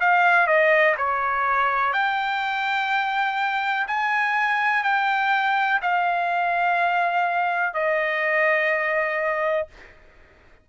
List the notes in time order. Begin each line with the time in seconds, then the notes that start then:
0.00 F5
0.47 D#5
0.97 C#5
1.93 G5
3.88 G#5
4.83 G5
5.82 F5
7.74 D#5